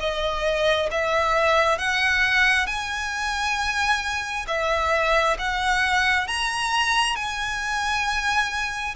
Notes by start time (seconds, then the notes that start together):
0.00 D#5
0.92 E5
1.79 F#5
2.67 G#5
4.48 E5
5.39 F#5
6.28 A#5
7.16 G#5